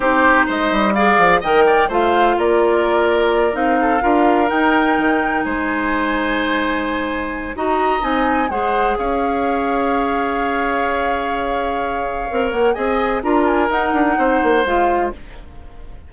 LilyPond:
<<
  \new Staff \with { instrumentName = "flute" } { \time 4/4 \tempo 4 = 127 c''4 dis''4 f''4 g''4 | f''4 d''2~ d''8 f''8~ | f''4. g''2 gis''8~ | gis''1 |
ais''4 gis''4 fis''4 f''4~ | f''1~ | f''2~ f''8 fis''8 gis''4 | ais''8 gis''8 fis''2 f''4 | }
  \new Staff \with { instrumentName = "oboe" } { \time 4/4 g'4 c''4 d''4 dis''8 d''8 | c''4 ais'2. | a'8 ais'2. c''8~ | c''1 |
dis''2 c''4 cis''4~ | cis''1~ | cis''2. dis''4 | ais'2 c''2 | }
  \new Staff \with { instrumentName = "clarinet" } { \time 4/4 dis'2 gis'4 ais'4 | f'2.~ f'8 dis'8~ | dis'8 f'4 dis'2~ dis'8~ | dis'1 |
fis'4 dis'4 gis'2~ | gis'1~ | gis'2 ais'4 gis'4 | f'4 dis'2 f'4 | }
  \new Staff \with { instrumentName = "bassoon" } { \time 4/4 c'4 gis8 g4 f8 dis4 | a4 ais2~ ais8 c'8~ | c'8 d'4 dis'4 dis4 gis8~ | gis1 |
dis'4 c'4 gis4 cis'4~ | cis'1~ | cis'2 c'8 ais8 c'4 | d'4 dis'8 d'8 c'8 ais8 gis4 | }
>>